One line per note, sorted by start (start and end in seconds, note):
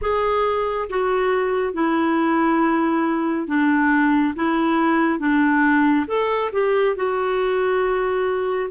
0.01 0.88 G#4
0.89 1.73 F#4
1.73 3.47 E4
3.47 4.34 D4
4.35 5.19 E4
5.19 6.06 D4
6.07 6.50 A4
6.52 6.96 G4
6.96 8.70 F#4